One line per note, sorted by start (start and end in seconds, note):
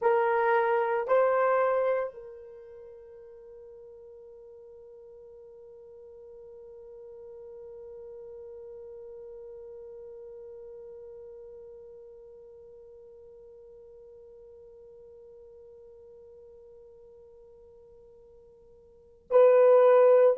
0.01 1.07 A#4
1.07 2.13 C5
2.13 19.28 A#4
19.30 20.37 B4